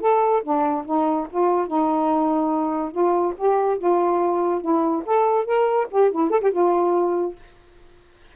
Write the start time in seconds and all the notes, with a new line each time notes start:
0.00 A4
0.43 D4
0.85 D#4
1.30 F4
1.67 D#4
2.91 F4
3.37 G4
3.77 F4
4.61 E4
5.05 A4
5.45 A#4
5.90 G4
6.11 E4
6.30 A4
6.41 G4
6.51 F4